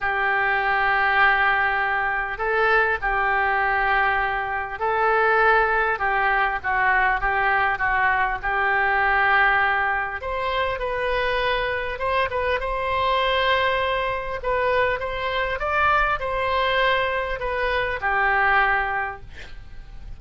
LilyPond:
\new Staff \with { instrumentName = "oboe" } { \time 4/4 \tempo 4 = 100 g'1 | a'4 g'2. | a'2 g'4 fis'4 | g'4 fis'4 g'2~ |
g'4 c''4 b'2 | c''8 b'8 c''2. | b'4 c''4 d''4 c''4~ | c''4 b'4 g'2 | }